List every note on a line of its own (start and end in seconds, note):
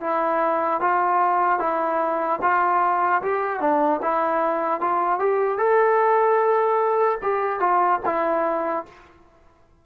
0.00 0.80 E4
0.80 1.59 F4
1.59 2.39 E4
2.41 3.21 F4
3.22 3.60 G4
3.60 4.00 D4
4.02 4.80 E4
4.80 5.19 F4
5.19 5.58 G4
5.58 7.18 A4
7.22 7.60 G4
7.60 8.00 F4
8.05 8.85 E4